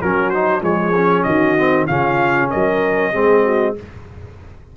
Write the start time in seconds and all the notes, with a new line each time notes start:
0.00 F#3 C#4 F#4 A#4
0.29 D#4 C5
0.61 F3 G#3 G#4 C#5
0.95 C#4
1.23 D#3 F#4 D#5
1.57 C4
1.86 C#3 C#4 F4 F5
2.50 F#3 A#4 D#5
3.12 G#3 C4 G#4
3.43 F#4